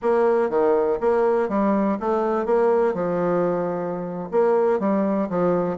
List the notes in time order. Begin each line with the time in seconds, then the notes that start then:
0.02 A#3
0.49 D#3
1.00 A#3
1.49 G3
2.00 A3
2.45 A#3
2.94 F3
4.31 A#3
4.79 G3
5.29 F3